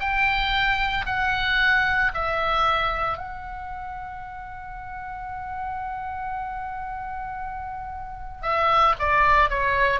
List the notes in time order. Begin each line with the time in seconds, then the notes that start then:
0.00 G5
1.06 F#5
2.14 E5
3.18 F#5
8.42 E5
9.00 D5
9.50 C#5